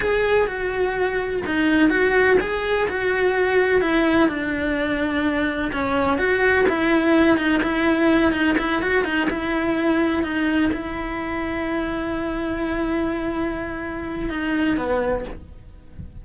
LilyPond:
\new Staff \with { instrumentName = "cello" } { \time 4/4 \tempo 4 = 126 gis'4 fis'2 dis'4 | fis'4 gis'4 fis'2 | e'4 d'2. | cis'4 fis'4 e'4. dis'8 |
e'4. dis'8 e'8 fis'8 dis'8 e'8~ | e'4. dis'4 e'4.~ | e'1~ | e'2 dis'4 b4 | }